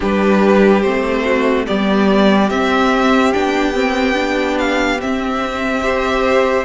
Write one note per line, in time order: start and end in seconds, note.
0.00 0.84 G3
0.00 0.82 D4
0.00 1.23 G4
0.00 0.81 B4
0.81 1.67 A3
0.81 1.66 C4
0.81 1.65 C5
1.24 1.66 F#4
1.66 2.50 G3
1.66 2.49 B3
1.66 5.83 G4
1.66 2.49 D5
2.49 3.33 C4
2.49 3.32 C4
2.49 3.33 E5
3.32 5.03 B3
3.32 3.73 D4
3.32 4.58 G5
3.73 4.14 C4
4.14 4.97 D4
4.59 5.00 F5
4.99 5.82 C4
4.99 6.64 C4
4.99 6.64 E5
5.82 6.64 G4
5.82 6.64 C5